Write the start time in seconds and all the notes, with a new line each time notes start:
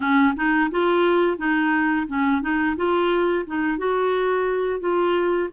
0.00 C#4
0.36 D#4
0.70 F4
1.37 D#4
2.07 C#4
2.41 D#4
2.76 F4
3.46 D#4
3.77 F#4
4.80 F4